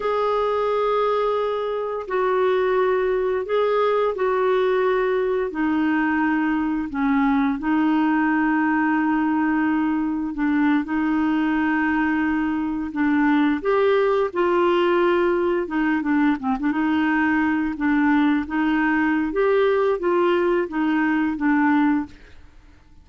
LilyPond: \new Staff \with { instrumentName = "clarinet" } { \time 4/4 \tempo 4 = 87 gis'2. fis'4~ | fis'4 gis'4 fis'2 | dis'2 cis'4 dis'4~ | dis'2. d'8. dis'16~ |
dis'2~ dis'8. d'4 g'16~ | g'8. f'2 dis'8 d'8 c'16 | d'16 dis'4. d'4 dis'4~ dis'16 | g'4 f'4 dis'4 d'4 | }